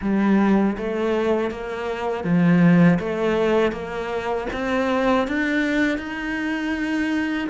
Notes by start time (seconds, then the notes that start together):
0.01 G3
0.77 A3
1.50 A#3
2.24 F3
2.99 A3
3.72 A#3
4.52 C4
5.27 D4
5.98 D#4